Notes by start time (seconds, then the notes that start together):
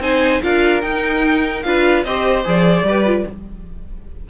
0.00 C4 D#4 C5 G#5
0.42 D4 F4 A#4 F5
0.82 D#4 G5
1.63 D4 F4 B4 F5
2.05 C4 G4 C5 D#5
2.45 F3 G#4 D5
2.83 G3 G4 B4
3.06 F4